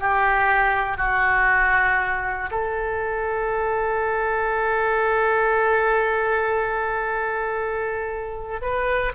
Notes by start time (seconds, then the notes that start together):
0.00 G4
0.98 F#4
2.51 A4
8.62 B4